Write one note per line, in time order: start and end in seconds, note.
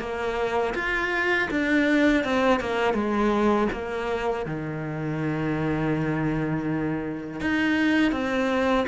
0.00 0.74 A#3
0.75 1.49 F4
1.51 2.25 D4
2.25 2.60 C4
2.60 2.94 A#3
2.94 3.68 G#3
3.72 4.46 A#3
4.46 7.41 D#3
7.41 8.12 D#4
8.12 8.86 C4